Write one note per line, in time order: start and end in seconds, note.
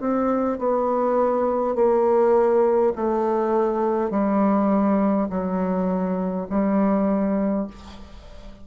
0.00 0.58 C4
0.58 1.75 B3
1.75 2.93 A#3
2.95 4.10 A3
4.10 5.28 G3
5.29 6.47 F#3
6.49 7.67 G3